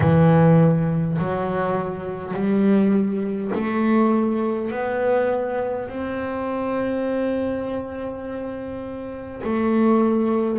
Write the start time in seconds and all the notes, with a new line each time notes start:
0.00 E3
1.18 F#3
2.33 G3
3.54 A3
4.71 B3
5.88 C4
9.43 A3